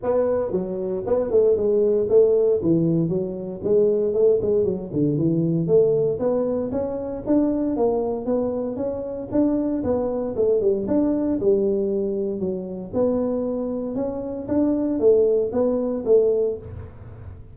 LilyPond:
\new Staff \with { instrumentName = "tuba" } { \time 4/4 \tempo 4 = 116 b4 fis4 b8 a8 gis4 | a4 e4 fis4 gis4 | a8 gis8 fis8 d8 e4 a4 | b4 cis'4 d'4 ais4 |
b4 cis'4 d'4 b4 | a8 g8 d'4 g2 | fis4 b2 cis'4 | d'4 a4 b4 a4 | }